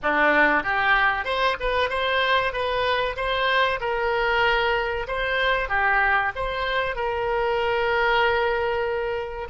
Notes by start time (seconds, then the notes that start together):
0.02 D4
0.63 G4
1.25 C5
1.60 B4
1.89 C5
2.53 B4
3.16 C5
3.80 A#4
5.07 C5
5.68 G4
6.35 C5
6.95 A#4